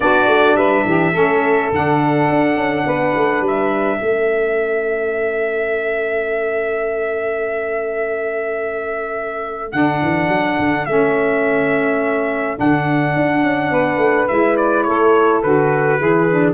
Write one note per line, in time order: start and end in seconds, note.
0.00 0.27 B3
0.00 1.12 D4
0.00 0.56 F#4
0.00 0.56 D5
0.27 0.54 A3
0.54 0.82 G3
0.54 0.85 B4
0.54 1.70 E5
0.85 1.14 E3
0.85 1.12 G4
1.12 1.71 A3
1.12 1.71 C#4
1.12 2.83 A4
1.71 2.29 D3
1.71 4.01 D4
1.71 3.46 F#5
2.29 2.55 D4
2.55 2.84 C#4
2.86 3.14 B3
2.86 3.98 B4
3.16 3.40 A3
3.40 3.97 G3
3.47 9.72 E5
3.98 9.73 A3
3.98 9.72 C#4
3.98 13.70 A4
9.72 10.01 D3
9.72 10.87 D4
9.72 10.85 F#5
10.02 10.27 E3
10.27 10.56 F#3
10.58 10.87 D3
10.85 12.58 A3
10.85 12.56 C#4
10.85 12.57 E5
12.56 13.16 D3
12.56 14.28 D4
12.56 14.27 F#5
13.16 13.43 D4
13.43 13.71 C#4
13.70 13.97 B3
13.70 14.85 B4
13.97 14.25 A3
14.27 14.87 G#3
14.27 15.43 E4
14.27 14.56 E5
14.56 14.83 D5
14.83 15.43 A3
14.83 15.98 A4
14.83 15.40 C#5
15.42 16.00 D3
15.42 15.98 F#4
15.42 16.53 B4
15.98 16.53 E3
15.98 16.27 E4
15.98 16.53 G#4
16.31 16.53 D4